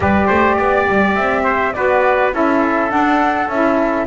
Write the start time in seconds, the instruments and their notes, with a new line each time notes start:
0.00 double bass G3, saxophone G4, trumpet B4, flute D5
0.26 double bass A3, trumpet C5
0.56 double bass B3, trumpet D5
0.88 double bass G3
1.15 double bass C4, flute E5
1.43 trumpet C5
1.73 double bass B3, saxophone F#4, trumpet B4, flute D5
2.32 double bass C#4, saxophone E4, trumpet A4, flute E5
2.88 saxophone D4, double bass D4, flute F#5
3.48 double bass C#4, saxophone E4, flute E5